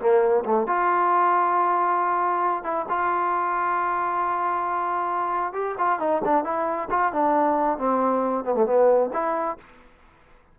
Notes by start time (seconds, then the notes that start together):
0.00 A#3
0.45 A3
0.67 F4
2.64 E4
2.89 F4
5.54 G4
5.78 F4
6.00 D#4
6.25 D4
6.44 E4
6.91 F4
7.13 D4
7.78 C4
8.45 B3
8.55 A3
8.66 B3
9.13 E4